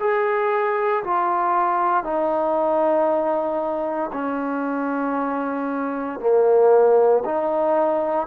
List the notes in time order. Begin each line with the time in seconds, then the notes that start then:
0.00 G#4
1.04 F4
2.04 D#4
4.13 C#4
6.20 A#3
7.25 D#4